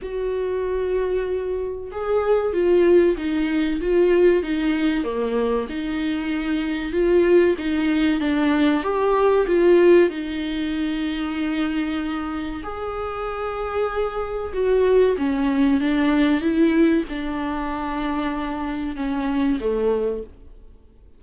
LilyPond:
\new Staff \with { instrumentName = "viola" } { \time 4/4 \tempo 4 = 95 fis'2. gis'4 | f'4 dis'4 f'4 dis'4 | ais4 dis'2 f'4 | dis'4 d'4 g'4 f'4 |
dis'1 | gis'2. fis'4 | cis'4 d'4 e'4 d'4~ | d'2 cis'4 a4 | }